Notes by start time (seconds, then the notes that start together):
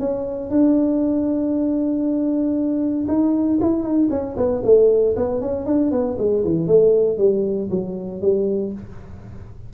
0.00 C#4
0.51 D4
3.08 D#4
3.62 E4
3.84 D#4
4.11 C#4
4.37 B3
4.65 A3
5.17 B3
5.41 C#4
5.66 D4
5.92 B3
6.19 G#3
6.45 E3
6.68 A3
7.18 G3
7.71 F#3
8.22 G3